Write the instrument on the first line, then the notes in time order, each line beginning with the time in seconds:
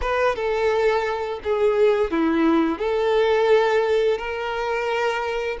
violin
0.01 B4
0.35 A4
1.43 G#4
2.11 E4
2.78 A4
4.18 A#4